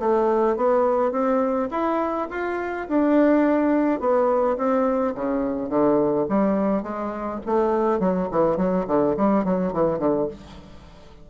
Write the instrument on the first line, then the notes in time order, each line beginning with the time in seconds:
bassoon
0.00 A3
0.57 B3
1.12 C4
1.71 E4
2.31 F4
2.89 D4
4.00 B3
4.58 C4
5.15 C#3
5.70 D3
6.29 G3
6.83 G#3
7.46 A3
8.00 F#3
8.32 E3
8.57 F#3
8.88 D3
9.17 G3
9.45 F#3
9.73 E3
9.99 D3